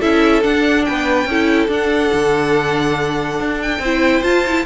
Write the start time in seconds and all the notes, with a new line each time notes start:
0.00 C#4 E4 A4 E5
0.42 D4 F#5
0.85 B3 B4 G5
1.25 C#4 E4 A4
1.68 D4 F#5
2.14 D3
3.40 D4
3.61 G5
3.79 C4 E4 C5
4.23 F4 A5
4.46 E4